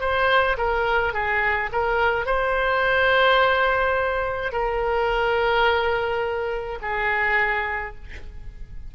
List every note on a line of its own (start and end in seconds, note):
0.00 0.57 C5
0.57 1.13 A#4
1.13 1.70 G#4
1.72 2.26 A#4
2.26 4.52 C5
4.52 6.79 A#4
6.81 7.95 G#4